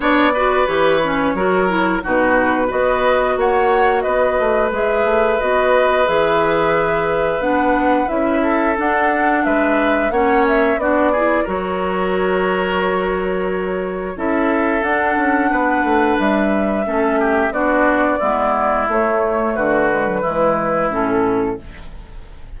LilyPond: <<
  \new Staff \with { instrumentName = "flute" } { \time 4/4 \tempo 4 = 89 d''4 cis''2 b'4 | dis''4 fis''4 dis''4 e''4 | dis''4 e''2 fis''4 | e''4 fis''4 e''4 fis''8 e''8 |
d''4 cis''2.~ | cis''4 e''4 fis''2 | e''2 d''2 | cis''4 b'2 a'4 | }
  \new Staff \with { instrumentName = "oboe" } { \time 4/4 cis''8 b'4. ais'4 fis'4 | b'4 cis''4 b'2~ | b'1~ | b'8 a'4. b'4 cis''4 |
fis'8 gis'8 ais'2.~ | ais'4 a'2 b'4~ | b'4 a'8 g'8 fis'4 e'4~ | e'4 fis'4 e'2 | }
  \new Staff \with { instrumentName = "clarinet" } { \time 4/4 d'8 fis'8 g'8 cis'8 fis'8 e'8 dis'4 | fis'2. gis'4 | fis'4 gis'2 d'4 | e'4 d'2 cis'4 |
d'8 e'8 fis'2.~ | fis'4 e'4 d'2~ | d'4 cis'4 d'4 b4 | a4. gis16 fis16 gis4 cis'4 | }
  \new Staff \with { instrumentName = "bassoon" } { \time 4/4 b4 e4 fis4 b,4 | b4 ais4 b8 a8 gis8 a8 | b4 e2 b4 | cis'4 d'4 gis4 ais4 |
b4 fis2.~ | fis4 cis'4 d'8 cis'8 b8 a8 | g4 a4 b4 gis4 | a4 d4 e4 a,4 | }
>>